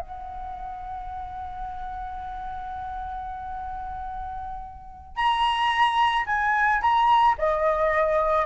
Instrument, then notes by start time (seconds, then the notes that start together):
flute
0.00 F#5
5.17 A#5
6.27 G#5
6.82 A#5
7.38 D#5